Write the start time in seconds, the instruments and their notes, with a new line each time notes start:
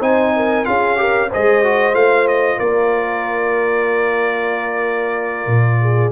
0.00 tuba C4, trombone D#4, horn C5, trumpet G#5
0.35 horn A#4
0.64 tuba C#4, trombone F4, horn G#4, trumpet F5
0.96 trombone G4, horn A#4
1.29 tuba G#3, trombone G#4, horn C5, trumpet D#5
1.63 trombone F#4
1.93 tuba A3, trombone F4, trumpet F5
2.27 trumpet D#5
2.57 tuba A#3, horn A#4, trumpet D5
5.46 tuba A#2
5.81 horn G#4